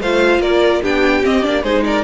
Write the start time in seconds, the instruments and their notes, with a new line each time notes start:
0.00 cello A3, viola F4, violin C5 F5
0.39 cello A#3, violin A#4 D5
0.81 cello B3, viola D4, violin G4 G5
1.23 viola C4, cello C4, violin D#5
1.42 cello A#3, viola D4, violin D5
1.63 cello G#3, viola D#4, violin G#4 C5
1.84 violin A#4 D5